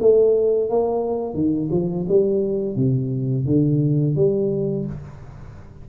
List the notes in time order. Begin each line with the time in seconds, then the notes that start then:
0.00 A3
0.69 A#3
1.34 D#3
1.71 F3
2.08 G3
2.76 C3
3.46 D3
4.15 G3